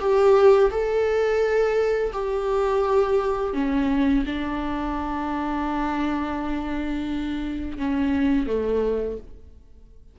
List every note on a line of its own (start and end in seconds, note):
0.00 0.71 G4
0.71 2.12 A4
2.13 3.54 G4
3.54 4.24 C#4
4.26 7.78 D4
7.78 8.47 C#4
8.47 9.17 A3